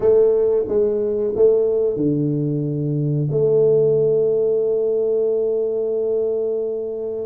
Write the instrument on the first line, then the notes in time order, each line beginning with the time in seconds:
tuba
0.00 A3
0.68 G#3
1.35 A3
1.96 D3
3.31 A3